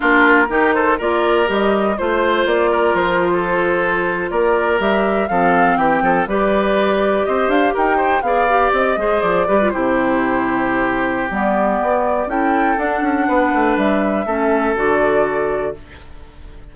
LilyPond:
<<
  \new Staff \with { instrumentName = "flute" } { \time 4/4 \tempo 4 = 122 ais'4. c''8 d''4 dis''4 | c''4 d''4 c''2~ | c''8. d''4 e''4 f''4 g''16~ | g''8. d''2 dis''8 f''8 g''16~ |
g''8. f''4 dis''4 d''4 c''16~ | c''2. d''4~ | d''4 g''4 fis''2 | e''2 d''2 | }
  \new Staff \with { instrumentName = "oboe" } { \time 4/4 f'4 g'8 a'8 ais'2 | c''4. ais'4~ ais'16 a'4~ a'16~ | a'8. ais'2 a'4 g'16~ | g'16 a'8 b'2 c''4 ais'16~ |
ais'16 c''8 d''4. c''4 b'8 g'16~ | g'1~ | g'4 a'2 b'4~ | b'4 a'2. | }
  \new Staff \with { instrumentName = "clarinet" } { \time 4/4 d'4 dis'4 f'4 g'4 | f'1~ | f'4.~ f'16 g'4 c'4~ c'16~ | c'8. g'2.~ g'16~ |
g'8. gis'8 g'4 gis'4 g'16 f'16 e'16~ | e'2. b4~ | b4 e'4 d'2~ | d'4 cis'4 fis'2 | }
  \new Staff \with { instrumentName = "bassoon" } { \time 4/4 ais4 dis4 ais4 g4 | a4 ais4 f2~ | f8. ais4 g4 f4 e16~ | e16 f8 g2 c'8 d'8 dis'16~ |
dis'8. b4 c'8 gis8 f8 g8 c16~ | c2. g4 | b4 cis'4 d'8 cis'8 b8 a8 | g4 a4 d2 | }
>>